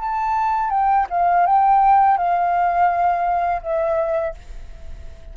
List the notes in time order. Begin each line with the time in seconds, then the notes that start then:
0.00 A5
0.70 G5
1.10 F5
1.46 G5
2.18 F5
3.62 E5